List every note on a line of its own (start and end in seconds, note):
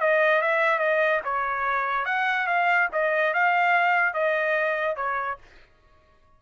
0.00 0.42 D#5
0.42 0.79 E5
0.79 1.20 D#5
1.24 2.05 C#5
2.05 2.47 F#5
2.47 2.89 F5
2.92 3.34 D#5
3.34 4.14 F5
4.14 4.96 D#5
4.96 5.38 C#5